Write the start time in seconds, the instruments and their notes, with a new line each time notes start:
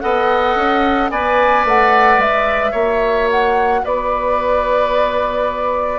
0.00 bassoon B3, clarinet A4, oboe D#5, flute F#5
0.55 bassoon C#4
1.10 bassoon B3, clarinet B4, oboe D5, flute G#5
1.64 bassoon A3, flute F#5
2.17 bassoon G#3, flute E5
2.71 bassoon A#3, clarinet F#4, oboe C#5
3.30 flute F#5
3.84 bassoon B3, oboe B4, flute D5